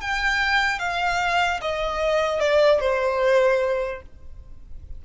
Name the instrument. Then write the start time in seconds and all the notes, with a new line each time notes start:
violin
0.00 G5
0.79 F5
1.61 D#5
2.39 D5
2.80 C5